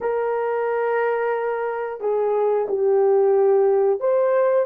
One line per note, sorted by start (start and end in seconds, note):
0.01 2.00 A#4
2.00 2.67 G#4
2.68 4.00 G4
4.00 4.65 C5